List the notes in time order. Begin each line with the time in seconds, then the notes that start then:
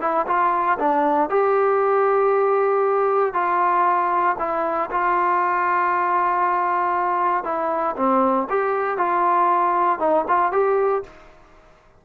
0.00 E4
0.26 F4
0.78 D4
1.29 G4
3.33 F4
4.38 E4
4.90 F4
7.44 E4
7.96 C4
8.49 G4
8.97 F4
9.99 D#4
10.28 F4
10.52 G4